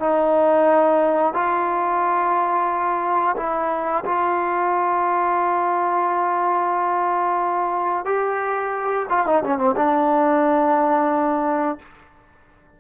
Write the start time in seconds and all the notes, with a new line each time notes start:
0.00 D#4
1.34 F4
3.37 E4
4.05 F4
8.06 G4
9.10 F4
9.26 D#4
9.44 C#4
9.59 C4
9.77 D4